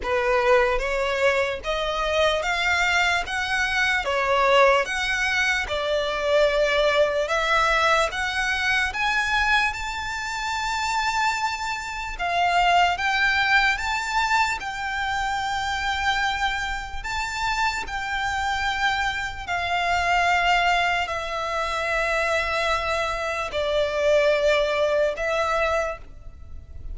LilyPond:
\new Staff \with { instrumentName = "violin" } { \time 4/4 \tempo 4 = 74 b'4 cis''4 dis''4 f''4 | fis''4 cis''4 fis''4 d''4~ | d''4 e''4 fis''4 gis''4 | a''2. f''4 |
g''4 a''4 g''2~ | g''4 a''4 g''2 | f''2 e''2~ | e''4 d''2 e''4 | }